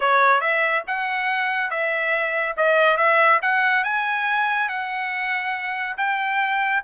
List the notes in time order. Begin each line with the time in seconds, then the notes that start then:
0.00 C#5
0.40 E5
0.87 F#5
1.70 E5
2.56 D#5
2.97 E5
3.42 F#5
3.84 G#5
4.68 F#5
5.97 G5